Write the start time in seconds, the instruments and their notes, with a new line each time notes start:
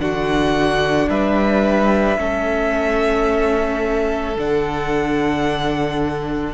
0.00 cello D3, viola D4, violin F#4 F#5
1.10 cello G3, violin B4 E5
2.18 cello A3, viola C#4, violin A4
4.37 cello D3, viola D4, violin F#5